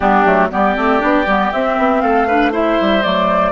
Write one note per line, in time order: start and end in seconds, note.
0.00 0.25 G3
0.00 0.25 B3
0.00 0.48 D4
0.00 0.48 G4
0.25 0.50 F#3
0.25 0.50 A3
0.51 0.76 G3
0.51 0.75 B3
0.51 2.02 G4
0.51 1.52 D5
0.75 1.01 A3
0.75 0.99 C4
0.99 1.25 B3
0.99 1.24 D4
1.25 1.51 G3
1.25 1.53 B3
1.52 1.78 C4
1.52 2.29 C4
1.52 2.01 E5
1.78 2.02 B3
2.01 2.78 A3
2.01 2.27 A4
2.01 2.51 F5
2.27 2.52 D4
2.27 2.51 B4
2.51 3.02 E4
2.51 3.52 C5
2.51 3.02 E5
2.80 3.05 G3
3.02 3.52 F#3
3.02 3.52 A3
3.02 3.52 D5